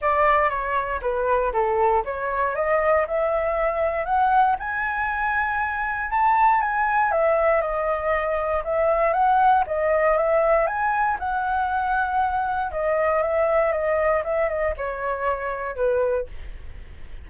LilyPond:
\new Staff \with { instrumentName = "flute" } { \time 4/4 \tempo 4 = 118 d''4 cis''4 b'4 a'4 | cis''4 dis''4 e''2 | fis''4 gis''2. | a''4 gis''4 e''4 dis''4~ |
dis''4 e''4 fis''4 dis''4 | e''4 gis''4 fis''2~ | fis''4 dis''4 e''4 dis''4 | e''8 dis''8 cis''2 b'4 | }